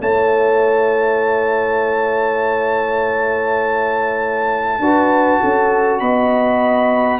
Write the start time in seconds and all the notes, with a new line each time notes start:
0.00 A3 E4 C#5 A5
4.79 D4 F#4 B4
5.41 C#4 A4
6.00 B3 D#5 B5